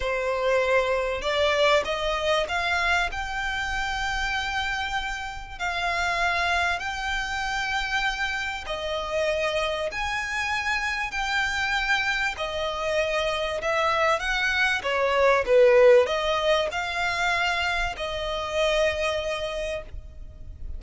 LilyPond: \new Staff \with { instrumentName = "violin" } { \time 4/4 \tempo 4 = 97 c''2 d''4 dis''4 | f''4 g''2.~ | g''4 f''2 g''4~ | g''2 dis''2 |
gis''2 g''2 | dis''2 e''4 fis''4 | cis''4 b'4 dis''4 f''4~ | f''4 dis''2. | }